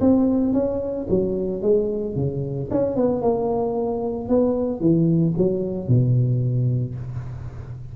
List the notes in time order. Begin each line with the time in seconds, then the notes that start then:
0.00 C4
0.53 C#4
1.09 F#3
1.62 G#3
2.16 C#3
2.71 C#4
2.96 B3
3.21 A#3
4.29 B3
4.80 E3
5.37 F#3
5.88 B2